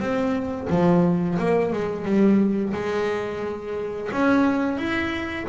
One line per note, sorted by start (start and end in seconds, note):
0.00 0.68 C4
0.70 1.38 F3
1.39 1.73 A#3
1.73 2.05 G#3
2.05 2.74 G3
2.74 4.10 G#3
4.12 4.78 C#4
4.78 5.46 E4